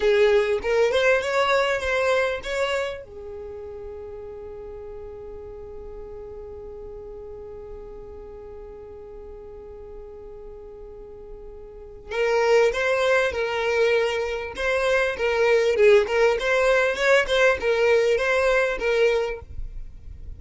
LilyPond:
\new Staff \with { instrumentName = "violin" } { \time 4/4 \tempo 4 = 99 gis'4 ais'8 c''8 cis''4 c''4 | cis''4 gis'2.~ | gis'1~ | gis'1~ |
gis'1 | ais'4 c''4 ais'2 | c''4 ais'4 gis'8 ais'8 c''4 | cis''8 c''8 ais'4 c''4 ais'4 | }